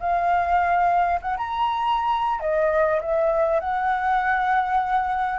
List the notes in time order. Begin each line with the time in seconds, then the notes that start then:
0.00 F5
1.22 F#5
1.37 A#5
2.40 D#5
3.01 E5
3.60 F#5